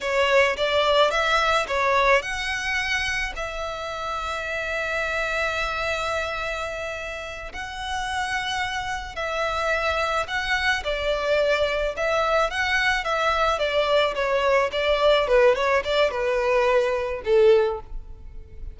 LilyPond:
\new Staff \with { instrumentName = "violin" } { \time 4/4 \tempo 4 = 108 cis''4 d''4 e''4 cis''4 | fis''2 e''2~ | e''1~ | e''4. fis''2~ fis''8~ |
fis''8 e''2 fis''4 d''8~ | d''4. e''4 fis''4 e''8~ | e''8 d''4 cis''4 d''4 b'8 | cis''8 d''8 b'2 a'4 | }